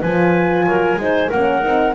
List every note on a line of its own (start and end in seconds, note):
0.00 0.67 F3
0.00 0.99 F4
0.00 0.65 B4
0.00 1.30 G#5
0.67 0.96 F#3
0.67 1.00 A#4
0.96 1.28 G#3
0.96 1.31 D#4
0.96 1.30 C5
1.30 1.65 A#3
1.30 1.62 C#4
1.30 1.94 A#4
1.30 1.95 F#5
1.62 1.95 C4
1.62 1.94 D#4